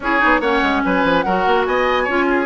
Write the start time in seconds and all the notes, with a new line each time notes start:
0.00 C#4 E4 G#4 C#5
0.19 B3 D#4
0.40 A#3 C#4 C#5 F#5
0.62 G#3
0.82 F#3 B4 G#5
1.04 F3
1.21 F#3 F#4 A#4 F#5
1.46 A#3
1.65 B3 D#5 G#5
2.03 C#4 F4 C#5
2.29 G#4